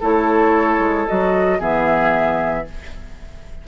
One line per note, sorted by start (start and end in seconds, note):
0.00 0.79 A3
0.00 1.07 E4
0.00 1.59 A4
0.00 1.08 C#5
0.79 1.05 G#3
1.07 1.60 F#3
1.07 1.59 F#4
1.07 1.61 D#5
1.59 2.66 E3
1.59 2.65 B3
1.59 2.65 G#4
1.59 2.67 E5